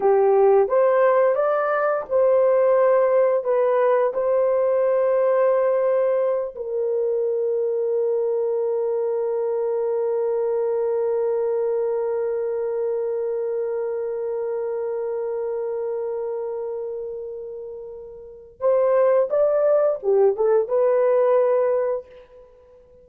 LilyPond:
\new Staff \with { instrumentName = "horn" } { \time 4/4 \tempo 4 = 87 g'4 c''4 d''4 c''4~ | c''4 b'4 c''2~ | c''4. ais'2~ ais'8~ | ais'1~ |
ais'1~ | ais'1~ | ais'2. c''4 | d''4 g'8 a'8 b'2 | }